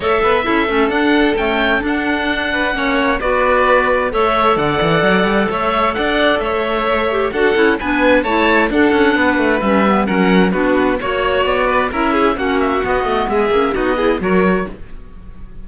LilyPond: <<
  \new Staff \with { instrumentName = "oboe" } { \time 4/4 \tempo 4 = 131 e''2 fis''4 g''4 | fis''2. d''4~ | d''4 e''4 fis''2 | e''4 fis''4 e''2 |
fis''4 gis''4 a''4 fis''4~ | fis''4 e''4 fis''4 b'4 | cis''4 d''4 e''4 fis''8 e''8 | dis''4 e''4 dis''4 cis''4 | }
  \new Staff \with { instrumentName = "violin" } { \time 4/4 cis''8 b'8 a'2.~ | a'4. b'8 cis''4 b'4~ | b'4 cis''4 d''2 | cis''4 d''4 cis''2 |
a'4 b'4 cis''4 a'4 | b'2 ais'4 fis'4 | cis''4. b'8 ais'8 gis'8 fis'4~ | fis'4 gis'4 fis'8 gis'8 ais'4 | }
  \new Staff \with { instrumentName = "clarinet" } { \time 4/4 a'4 e'8 cis'8 d'4 a4 | d'2 cis'4 fis'4~ | fis'4 a'2.~ | a'2.~ a'8 g'8 |
fis'8 e'8 d'4 e'4 d'4~ | d'4 cis'8 b8 cis'4 d'4 | fis'2 e'4 cis'4 | b4. cis'8 dis'8 e'8 fis'4 | }
  \new Staff \with { instrumentName = "cello" } { \time 4/4 a8 b8 cis'8 a8 d'4 cis'4 | d'2 ais4 b4~ | b4 a4 d8 e8 fis8 g8 | a4 d'4 a2 |
d'8 cis'8 b4 a4 d'8 cis'8 | b8 a8 g4 fis4 b4 | ais4 b4 cis'4 ais4 | b8 a8 gis8 ais8 b4 fis4 | }
>>